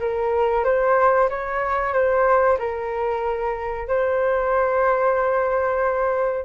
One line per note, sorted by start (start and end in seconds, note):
0.00 0.65 A#4
0.65 1.29 C5
1.29 1.94 C#5
1.94 2.58 C5
2.59 3.88 A#4
3.88 6.45 C5